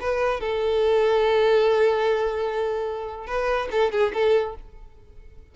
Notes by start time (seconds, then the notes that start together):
0.00 B4
0.40 A4
3.26 B4
3.71 A4
3.91 G#4
4.13 A4